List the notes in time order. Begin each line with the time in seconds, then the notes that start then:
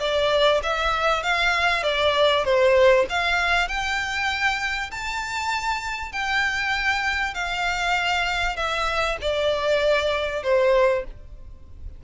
0.00 D5
0.63 E5
1.23 F5
1.83 D5
2.45 C5
3.09 F5
3.68 G5
4.91 A5
6.12 G5
7.35 F5
8.57 E5
9.21 D5
10.43 C5